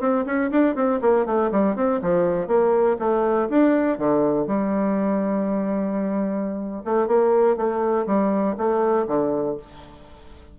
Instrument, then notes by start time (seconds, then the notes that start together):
bassoon
0.00 C4
0.25 C#4
0.50 D4
0.75 C4
1.01 A#3
1.25 A3
1.51 G3
1.76 C4
2.02 F3
2.47 A#3
2.99 A3
3.49 D4
3.98 D3
4.47 G3
6.85 A3
7.07 A#3
7.56 A3
8.06 G3
8.57 A3
9.07 D3